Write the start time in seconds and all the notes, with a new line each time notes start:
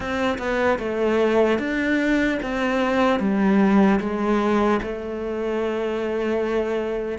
0.00 C4
0.38 B3
0.78 A3
1.59 D4
2.42 C4
3.19 G3
4.00 G#3
4.82 A3